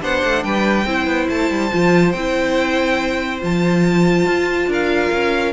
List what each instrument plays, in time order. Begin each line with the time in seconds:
0.00 cello B3, viola D4, violin C5 F#5
0.24 cello A3
0.44 cello G3, violin B4 G5
0.85 cello C4, viola E4, violin C5
1.06 cello B3
1.29 cello A3, violin A5
1.50 cello G3
1.71 cello F3, viola F4
2.12 cello C4, viola E4, violin G5
3.41 cello F3, viola F4, violin A5
4.26 cello F4
4.67 cello D4, violin A#4 F5
5.12 cello C#4